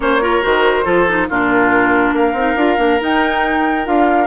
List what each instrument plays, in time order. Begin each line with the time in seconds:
0.00 bassoon A#3, clarinet C#4, oboe C5, flute C#5
0.21 clarinet F4, oboe A#4
0.42 bassoon D#3, clarinet F#4, flute C5
0.83 bassoon F3, clarinet F4, oboe A4
1.07 clarinet D#4
1.29 bassoon A#2, clarinet D4, oboe F4, flute A#4
2.12 bassoon A#3, oboe A#4, flute F5
2.33 bassoon C4, clarinet D#4
2.55 bassoon D4, clarinet F4
2.77 bassoon A#3, clarinet D4
3.00 clarinet D#4, bassoon D#4, flute G5
3.84 bassoon D4, clarinet F4, flute F5